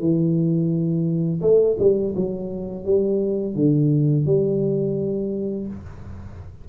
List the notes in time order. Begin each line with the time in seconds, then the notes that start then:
0.00 E3
1.41 A3
1.79 G3
2.15 F#3
2.85 G3
3.55 D3
4.26 G3